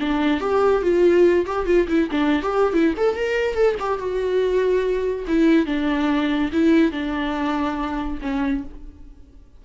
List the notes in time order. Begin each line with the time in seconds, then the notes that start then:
0.00 D4
0.41 G4
0.82 F4
1.46 G4
1.66 F4
1.88 E4
2.11 D4
2.42 G4
2.73 E4
2.97 A4
3.16 A#4
3.54 A4
3.80 G4
3.99 F#4
5.28 E4
5.66 D4
6.52 E4
6.91 D4
8.21 C#4